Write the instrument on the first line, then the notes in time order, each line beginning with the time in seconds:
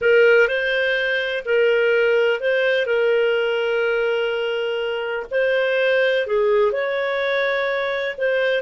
clarinet
0.01 A#4
0.48 C5
1.45 A#4
2.40 C5
2.86 A#4
5.30 C5
6.26 G#4
6.72 C#5
8.17 C5